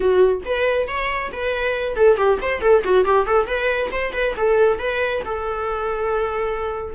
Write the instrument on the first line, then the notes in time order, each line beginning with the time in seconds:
viola
0.00 F#4
0.45 B4
0.87 C#5
1.32 B4
1.96 A4
2.16 G4
2.41 C5
2.61 A4
2.84 F#4
3.04 G4
3.26 A4
3.47 B4
3.91 C5
4.13 B4
4.36 A4
4.78 B4
5.25 A4